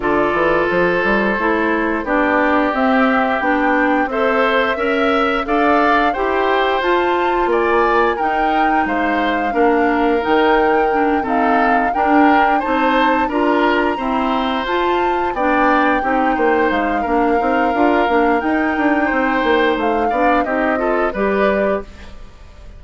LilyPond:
<<
  \new Staff \with { instrumentName = "flute" } { \time 4/4 \tempo 4 = 88 d''4 c''2 d''4 | e''4 g''4 e''2 | f''4 g''4 a''4 gis''4 | g''4 f''2 g''4~ |
g''8 f''4 g''4 a''4 ais''8~ | ais''4. a''4 g''4.~ | g''8 f''2~ f''8 g''4~ | g''4 f''4 dis''4 d''4 | }
  \new Staff \with { instrumentName = "oboe" } { \time 4/4 a'2. g'4~ | g'2 c''4 e''4 | d''4 c''2 d''4 | ais'4 c''4 ais'2~ |
ais'8 a'4 ais'4 c''4 ais'8~ | ais'8 c''2 d''4 g'8 | c''4 ais'2. | c''4. d''8 g'8 a'8 b'4 | }
  \new Staff \with { instrumentName = "clarinet" } { \time 4/4 f'2 e'4 d'4 | c'4 d'4 a'4 ais'4 | a'4 g'4 f'2 | dis'2 d'4 dis'4 |
d'8 c'4 d'4 dis'4 f'8~ | f'8 c'4 f'4 d'4 dis'8~ | dis'4 d'8 dis'8 f'8 d'8 dis'4~ | dis'4. d'8 dis'8 f'8 g'4 | }
  \new Staff \with { instrumentName = "bassoon" } { \time 4/4 d8 e8 f8 g8 a4 b4 | c'4 b4 c'4 cis'4 | d'4 e'4 f'4 ais4 | dis'4 gis4 ais4 dis4~ |
dis8 dis'4 d'4 c'4 d'8~ | d'8 e'4 f'4 b4 c'8 | ais8 gis8 ais8 c'8 d'8 ais8 dis'8 d'8 | c'8 ais8 a8 b8 c'4 g4 | }
>>